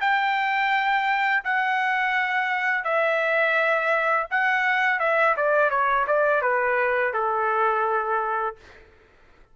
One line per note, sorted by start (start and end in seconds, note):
0.00 1.43 G5
1.44 2.84 F#5
2.84 4.27 E5
4.30 4.99 F#5
4.99 5.35 E5
5.36 5.70 D5
5.70 6.06 C#5
6.06 6.42 D5
6.42 7.13 B4
7.13 8.56 A4